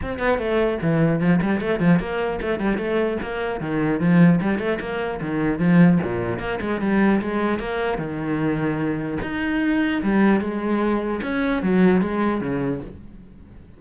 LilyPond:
\new Staff \with { instrumentName = "cello" } { \time 4/4 \tempo 4 = 150 c'8 b8 a4 e4 f8 g8 | a8 f8 ais4 a8 g8 a4 | ais4 dis4 f4 g8 a8 | ais4 dis4 f4 ais,4 |
ais8 gis8 g4 gis4 ais4 | dis2. dis'4~ | dis'4 g4 gis2 | cis'4 fis4 gis4 cis4 | }